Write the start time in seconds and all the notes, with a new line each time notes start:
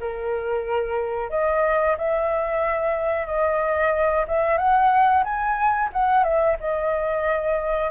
0.00 A#4
1.30 D#5
1.97 E5
3.26 D#5
4.27 E5
4.57 F#5
5.24 G#5
5.93 F#5
6.23 E5
6.60 D#5